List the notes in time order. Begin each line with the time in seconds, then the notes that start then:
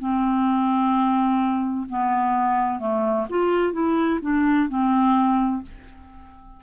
0.00 C4
1.90 B3
2.80 A3
3.30 F4
3.73 E4
4.22 D4
4.69 C4